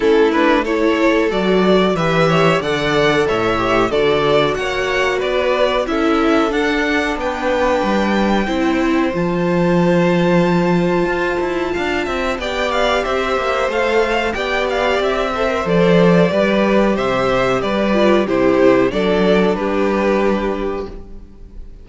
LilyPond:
<<
  \new Staff \with { instrumentName = "violin" } { \time 4/4 \tempo 4 = 92 a'8 b'8 cis''4 d''4 e''4 | fis''4 e''4 d''4 fis''4 | d''4 e''4 fis''4 g''4~ | g''2 a''2~ |
a''2. g''8 f''8 | e''4 f''4 g''8 f''8 e''4 | d''2 e''4 d''4 | c''4 d''4 b'2 | }
  \new Staff \with { instrumentName = "violin" } { \time 4/4 e'4 a'2 b'8 cis''8 | d''4 cis''4 a'4 cis''4 | b'4 a'2 b'4~ | b'4 c''2.~ |
c''2 f''8 e''8 d''4 | c''2 d''4. c''8~ | c''4 b'4 c''4 b'4 | g'4 a'4 g'2 | }
  \new Staff \with { instrumentName = "viola" } { \time 4/4 cis'8 d'8 e'4 fis'4 g'4 | a'4. g'8 fis'2~ | fis'4 e'4 d'2~ | d'4 e'4 f'2~ |
f'2. g'4~ | g'4 a'4 g'4. a'16 ais'16 | a'4 g'2~ g'8 f'8 | e'4 d'2. | }
  \new Staff \with { instrumentName = "cello" } { \time 4/4 a2 fis4 e4 | d4 a,4 d4 ais4 | b4 cis'4 d'4 b4 | g4 c'4 f2~ |
f4 f'8 e'8 d'8 c'8 b4 | c'8 ais8 a4 b4 c'4 | f4 g4 c4 g4 | c4 fis4 g2 | }
>>